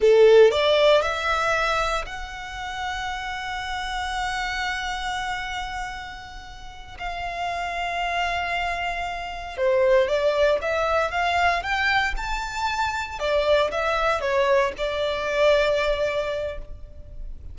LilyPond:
\new Staff \with { instrumentName = "violin" } { \time 4/4 \tempo 4 = 116 a'4 d''4 e''2 | fis''1~ | fis''1~ | fis''4. f''2~ f''8~ |
f''2~ f''8 c''4 d''8~ | d''8 e''4 f''4 g''4 a''8~ | a''4. d''4 e''4 cis''8~ | cis''8 d''2.~ d''8 | }